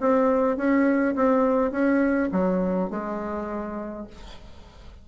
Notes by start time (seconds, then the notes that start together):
0.00 C4
0.57 C#4
1.15 C4
1.71 C#4
2.31 F#3
2.90 G#3